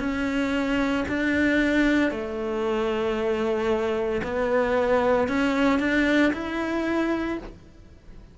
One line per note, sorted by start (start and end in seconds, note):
0.00 1.05 C#4
1.09 2.11 D4
2.11 4.22 A3
4.24 5.29 B3
5.29 5.80 C#4
5.80 6.33 D4
6.33 7.39 E4